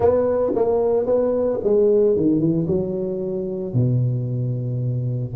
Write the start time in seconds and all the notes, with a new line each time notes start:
0.00 B3
0.55 A#3
1.06 B3
1.63 G#3
2.16 D#3
2.39 E3
2.67 F#3
3.73 B2